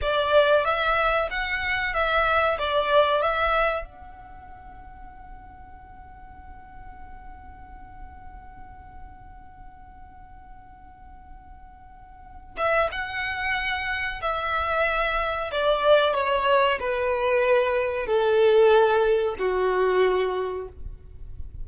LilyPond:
\new Staff \with { instrumentName = "violin" } { \time 4/4 \tempo 4 = 93 d''4 e''4 fis''4 e''4 | d''4 e''4 fis''2~ | fis''1~ | fis''1~ |
fis''2.~ fis''8 e''8 | fis''2 e''2 | d''4 cis''4 b'2 | a'2 fis'2 | }